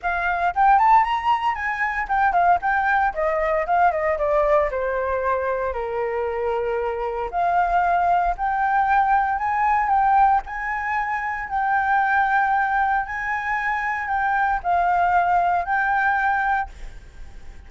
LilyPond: \new Staff \with { instrumentName = "flute" } { \time 4/4 \tempo 4 = 115 f''4 g''8 a''8 ais''4 gis''4 | g''8 f''8 g''4 dis''4 f''8 dis''8 | d''4 c''2 ais'4~ | ais'2 f''2 |
g''2 gis''4 g''4 | gis''2 g''2~ | g''4 gis''2 g''4 | f''2 g''2 | }